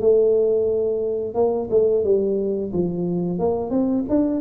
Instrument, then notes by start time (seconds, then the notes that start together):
tuba
0.00 A3
1.35 A#3
1.70 A3
2.04 G3
2.73 F3
3.39 A#3
3.71 C4
4.09 D4